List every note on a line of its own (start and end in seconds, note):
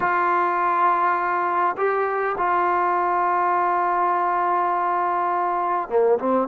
0.00 1.76 F4
1.77 2.36 G4
2.37 5.89 F4
5.89 6.18 A#3
6.18 6.47 C4